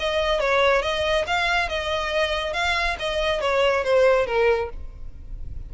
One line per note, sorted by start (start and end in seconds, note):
0.00 0.40 D#5
0.40 0.82 C#5
0.82 1.26 D#5
1.27 1.69 F5
1.69 2.54 D#5
2.54 2.97 F5
3.00 3.41 D#5
3.41 3.84 C#5
3.85 4.27 C5
4.27 4.70 A#4